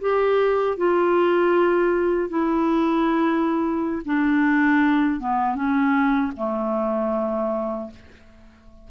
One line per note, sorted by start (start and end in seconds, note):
0.00 0.77 G4
0.77 2.29 F4
2.29 4.02 E4
4.05 5.20 D4
5.20 5.55 B3
5.55 6.32 C#4
6.36 7.90 A3